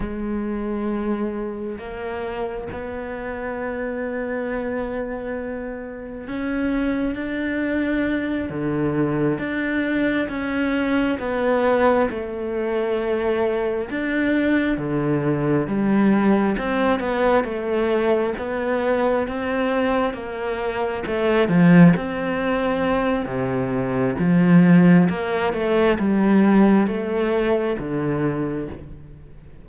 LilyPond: \new Staff \with { instrumentName = "cello" } { \time 4/4 \tempo 4 = 67 gis2 ais4 b4~ | b2. cis'4 | d'4. d4 d'4 cis'8~ | cis'8 b4 a2 d'8~ |
d'8 d4 g4 c'8 b8 a8~ | a8 b4 c'4 ais4 a8 | f8 c'4. c4 f4 | ais8 a8 g4 a4 d4 | }